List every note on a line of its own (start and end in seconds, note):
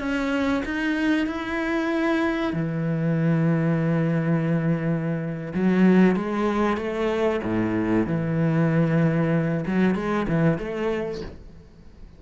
0.00 0.63 C#4
0.65 1.27 D#4
1.27 2.53 E4
2.53 5.53 E3
5.54 6.16 F#3
6.16 6.78 G#3
6.78 7.41 A3
7.44 8.07 A2
8.07 9.65 E3
9.67 9.95 F#3
9.95 10.27 G#3
10.29 10.58 E3
10.58 11.22 A3